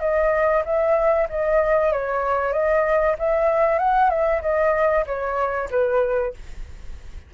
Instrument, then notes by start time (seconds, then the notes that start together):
flute
0.00 D#5
0.65 E5
1.30 D#5
1.93 C#5
2.53 D#5
3.19 E5
3.79 F#5
4.10 E5
4.42 D#5
5.06 C#5
5.71 B4